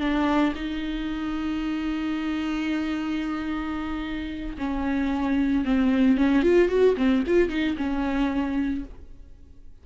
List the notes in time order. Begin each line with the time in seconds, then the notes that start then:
0.00 D4
0.56 D#4
4.59 C#4
5.65 C4
6.18 C#4
6.43 F4
6.69 F#4
6.98 C4
7.27 F4
7.50 D#4
7.78 C#4